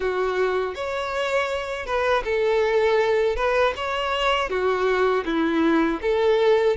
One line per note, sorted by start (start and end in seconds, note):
0.00 0.74 F#4
0.75 1.85 C#5
1.85 2.23 B4
2.24 3.36 A4
3.36 3.73 B4
3.75 4.49 C#5
4.49 5.24 F#4
5.25 6.00 E4
6.01 6.76 A4